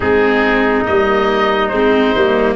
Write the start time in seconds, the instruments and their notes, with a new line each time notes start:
0.00 tuba G#3, viola C4, trumpet D#4, oboe G#4
0.86 tuba G3, viola A#3, oboe D#5
1.68 tuba G#3, viola C4, oboe C5
2.15 tuba G3, viola A#3